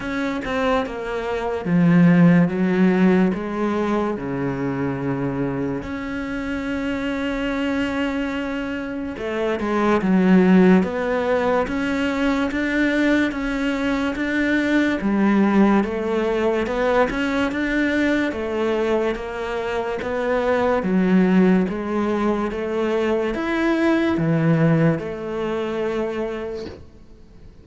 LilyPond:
\new Staff \with { instrumentName = "cello" } { \time 4/4 \tempo 4 = 72 cis'8 c'8 ais4 f4 fis4 | gis4 cis2 cis'4~ | cis'2. a8 gis8 | fis4 b4 cis'4 d'4 |
cis'4 d'4 g4 a4 | b8 cis'8 d'4 a4 ais4 | b4 fis4 gis4 a4 | e'4 e4 a2 | }